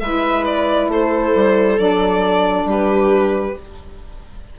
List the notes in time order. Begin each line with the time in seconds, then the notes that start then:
0.00 G#3 E4 B4 E5
0.45 D5
0.87 A3 A4 C5
1.35 G3
1.77 F#3 D4 D5
2.64 G3 G4
2.71 B4